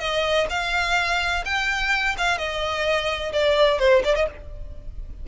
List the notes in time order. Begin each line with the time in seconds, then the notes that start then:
0.00 D#5
0.50 F5
1.45 G5
2.18 F5
2.38 D#5
3.33 D5
3.79 C5
4.04 D5
4.16 D#5